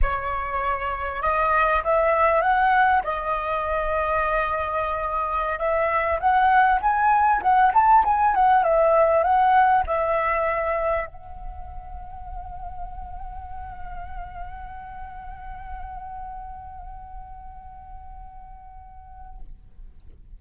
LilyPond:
\new Staff \with { instrumentName = "flute" } { \time 4/4 \tempo 4 = 99 cis''2 dis''4 e''4 | fis''4 dis''2.~ | dis''4~ dis''16 e''4 fis''4 gis''8.~ | gis''16 fis''8 a''8 gis''8 fis''8 e''4 fis''8.~ |
fis''16 e''2 fis''4.~ fis''16~ | fis''1~ | fis''1~ | fis''1 | }